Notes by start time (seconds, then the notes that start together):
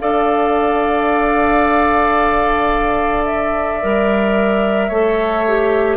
0.00 D4 A4 D5 F5
3.25 E5
3.82 G3 A#4
4.88 A3 A4 C#5
5.48 G4